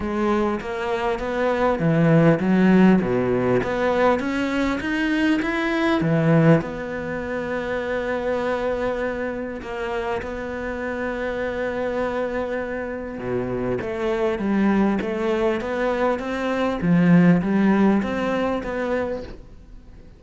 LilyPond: \new Staff \with { instrumentName = "cello" } { \time 4/4 \tempo 4 = 100 gis4 ais4 b4 e4 | fis4 b,4 b4 cis'4 | dis'4 e'4 e4 b4~ | b1 |
ais4 b2.~ | b2 b,4 a4 | g4 a4 b4 c'4 | f4 g4 c'4 b4 | }